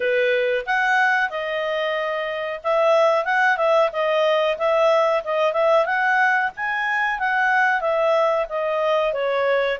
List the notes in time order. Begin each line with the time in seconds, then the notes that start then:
0.00 B4
0.66 F#5
1.30 D#5
2.63 E5
3.25 F#5
3.57 E5
3.92 D#5
4.57 E5
5.24 D#5
5.53 E5
5.85 F#5
6.56 G#5
7.19 F#5
7.81 E5
8.49 D#5
9.13 C#5